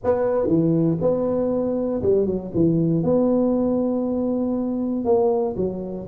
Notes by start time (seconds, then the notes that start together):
0.04 B3
0.47 E3
1.01 B3
2.02 G3
2.26 F#3
2.54 E3
3.03 B3
5.04 A#3
5.56 F#3